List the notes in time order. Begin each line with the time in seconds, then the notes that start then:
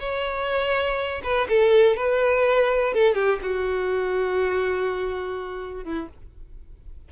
0.00 C#5
1.24 B4
1.49 A4
1.97 B4
2.94 A4
3.15 G4
3.43 F#4
5.84 E4